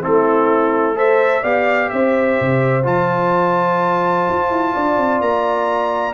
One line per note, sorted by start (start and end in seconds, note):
0.00 1.43 A3
0.00 0.94 C4
0.00 0.95 E4
0.00 0.98 A4
0.95 1.42 A4
0.95 1.42 C5
0.95 1.43 E5
1.42 1.91 B3
1.42 2.83 G4
1.42 1.89 D5
1.42 1.89 F5
1.89 2.39 C4
1.89 4.73 C5
1.89 2.83 E5
2.40 2.86 C3
2.83 4.28 F3
2.83 6.13 F4
2.83 5.21 A5
4.29 4.50 F4
4.50 4.74 E4
4.73 4.97 D4
4.73 6.13 D5
4.97 5.20 C4
5.20 6.13 A#3
5.20 6.13 A#5